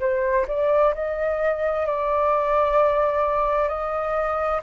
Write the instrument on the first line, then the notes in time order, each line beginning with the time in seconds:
flute
0.00 C5
0.48 D5
0.94 D#5
1.86 D5
3.68 D#5